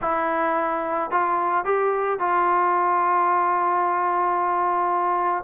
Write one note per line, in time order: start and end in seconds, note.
0.01 1.10 E4
1.11 1.64 F4
1.64 2.19 G4
2.19 5.43 F4